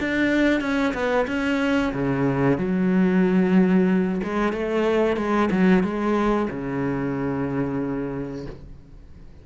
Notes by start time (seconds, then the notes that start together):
0.00 D4
0.61 C#4
0.94 B3
1.27 C#4
1.93 C#3
2.58 F#3
4.24 G#3
4.53 A3
5.17 G#3
5.51 F#3
5.84 G#3
6.50 C#3